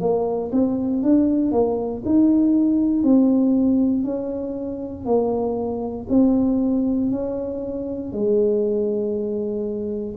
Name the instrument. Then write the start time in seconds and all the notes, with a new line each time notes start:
tuba
0.00 A#3
0.53 C4
1.03 D4
1.52 A#3
2.06 D#4
3.04 C4
4.04 C#4
5.06 A#3
6.10 C4
7.11 C#4
8.13 G#3